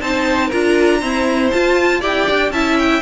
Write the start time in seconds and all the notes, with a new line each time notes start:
0.00 C4 D#4 C5 A5
0.47 D4 F4 A#4 A#5
1.00 C4 E4 C5
1.51 F4 A5
2.00 E4 G4 D5 G5
2.30 D4
2.50 C#4 E4 E5 A5
2.78 G5